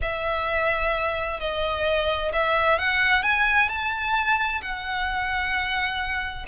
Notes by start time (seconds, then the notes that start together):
0.01 E5
1.40 D#5
2.32 E5
2.78 F#5
3.22 G#5
3.68 A5
4.61 F#5